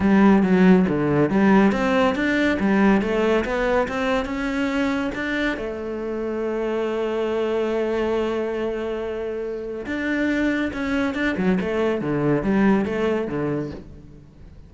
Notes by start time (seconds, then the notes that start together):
0.00 G3
0.42 F#3
0.88 D3
1.30 G3
1.72 C4
2.15 D4
2.59 G3
3.01 A3
3.44 B3
3.87 C4
4.25 C#4
5.14 D4
5.57 A3
9.86 D4
10.73 C#4
11.14 D4
11.37 F#3
11.60 A3
12.01 D3
12.42 G3
12.85 A3
13.27 D3